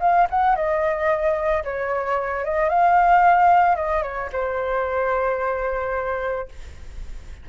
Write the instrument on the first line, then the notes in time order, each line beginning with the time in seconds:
flute
0.00 F5
0.30 F#5
0.56 D#5
1.64 C#5
2.44 D#5
2.69 F5
3.75 D#5
4.02 C#5
4.32 C5